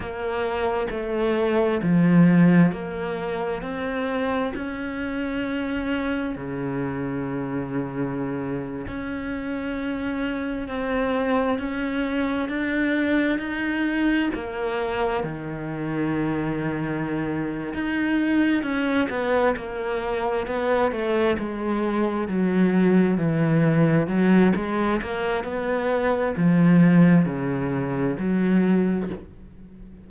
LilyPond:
\new Staff \with { instrumentName = "cello" } { \time 4/4 \tempo 4 = 66 ais4 a4 f4 ais4 | c'4 cis'2 cis4~ | cis4.~ cis16 cis'2 c'16~ | c'8. cis'4 d'4 dis'4 ais16~ |
ais8. dis2~ dis8. dis'8~ | dis'8 cis'8 b8 ais4 b8 a8 gis8~ | gis8 fis4 e4 fis8 gis8 ais8 | b4 f4 cis4 fis4 | }